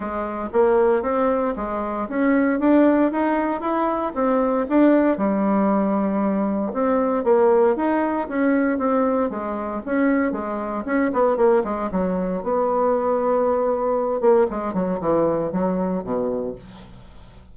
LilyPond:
\new Staff \with { instrumentName = "bassoon" } { \time 4/4 \tempo 4 = 116 gis4 ais4 c'4 gis4 | cis'4 d'4 dis'4 e'4 | c'4 d'4 g2~ | g4 c'4 ais4 dis'4 |
cis'4 c'4 gis4 cis'4 | gis4 cis'8 b8 ais8 gis8 fis4 | b2.~ b8 ais8 | gis8 fis8 e4 fis4 b,4 | }